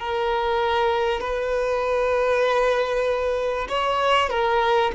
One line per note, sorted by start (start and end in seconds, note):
0.00 1.21 A#4
1.21 3.68 B4
3.69 4.30 C#5
4.30 4.92 A#4